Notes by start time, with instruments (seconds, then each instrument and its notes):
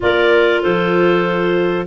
0.00 tuba A#3, clarinet F4 A#4 D5
0.62 tuba F3, clarinet A4 C5